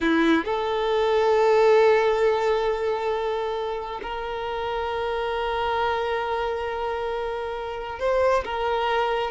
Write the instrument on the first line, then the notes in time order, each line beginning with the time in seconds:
violin
0.01 E4
0.44 A4
4.02 A#4
7.99 C5
8.44 A#4